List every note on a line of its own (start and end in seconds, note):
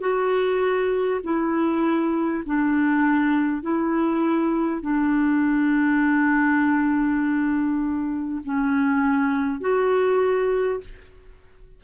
0.00 1.20 F#4
1.23 2.43 E4
2.45 3.62 D4
3.62 4.81 E4
4.81 8.41 D4
8.44 9.60 C#4
9.60 10.80 F#4